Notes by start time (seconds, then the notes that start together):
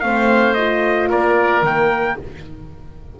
0.00 A3 C4 C5 F5
0.54 F4 D#5
1.10 A#3 A#4 D5
1.62 D#3 A#3 G5